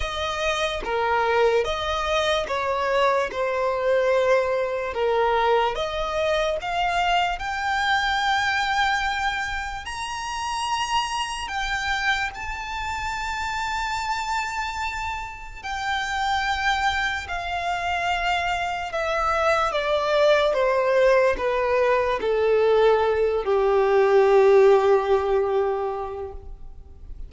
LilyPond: \new Staff \with { instrumentName = "violin" } { \time 4/4 \tempo 4 = 73 dis''4 ais'4 dis''4 cis''4 | c''2 ais'4 dis''4 | f''4 g''2. | ais''2 g''4 a''4~ |
a''2. g''4~ | g''4 f''2 e''4 | d''4 c''4 b'4 a'4~ | a'8 g'2.~ g'8 | }